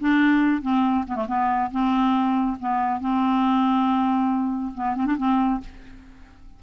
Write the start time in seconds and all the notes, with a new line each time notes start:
0.00 D4
0.61 C4
1.08 B3
1.15 A3
1.27 B3
1.71 C4
2.60 B3
3.00 C4
4.74 B3
4.96 C4
5.06 D4
5.17 C4